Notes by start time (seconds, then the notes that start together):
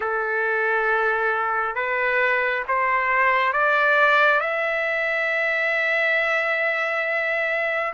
0.00 A4
1.75 B4
2.68 C5
3.52 D5
4.40 E5